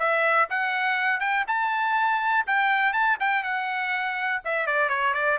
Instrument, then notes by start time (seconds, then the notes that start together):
trumpet
0.00 E5
0.50 F#5
1.21 G5
1.48 A5
2.47 G5
2.94 A5
3.20 G5
3.44 F#5
4.45 E5
4.67 D5
4.90 C#5
5.14 D5